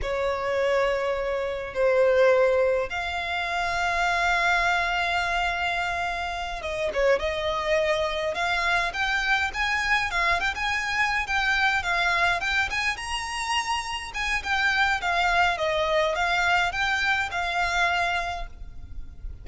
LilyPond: \new Staff \with { instrumentName = "violin" } { \time 4/4 \tempo 4 = 104 cis''2. c''4~ | c''4 f''2.~ | f''2.~ f''8 dis''8 | cis''8 dis''2 f''4 g''8~ |
g''8 gis''4 f''8 g''16 gis''4~ gis''16 g''8~ | g''8 f''4 g''8 gis''8 ais''4.~ | ais''8 gis''8 g''4 f''4 dis''4 | f''4 g''4 f''2 | }